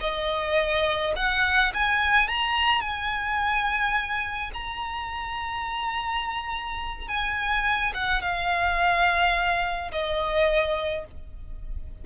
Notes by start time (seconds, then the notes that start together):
0.00 D#5
1.16 F#5
1.74 G#5
2.28 A#5
2.80 G#5
4.53 A#5
7.08 G#5
7.94 F#5
8.21 F5
9.91 D#5